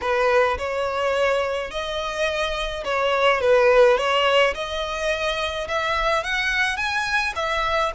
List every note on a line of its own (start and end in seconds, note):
0.01 0.57 B4
0.58 1.70 C#5
1.70 2.84 D#5
2.84 3.40 C#5
3.40 3.97 B4
3.97 4.54 C#5
4.54 5.67 D#5
5.68 6.23 E5
6.23 6.76 F#5
6.76 7.33 G#5
7.35 7.92 E5